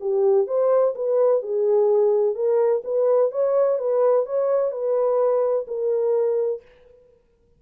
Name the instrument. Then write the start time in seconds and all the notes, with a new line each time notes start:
horn
0.00 G4
0.47 C5
0.95 B4
1.42 G#4
2.35 A#4
2.84 B4
3.31 C#5
3.78 B4
4.25 C#5
4.71 B4
5.67 A#4